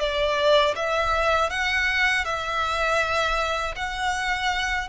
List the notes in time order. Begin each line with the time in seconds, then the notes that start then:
0.00 D5
0.76 E5
1.50 F#5
2.25 E5
3.76 F#5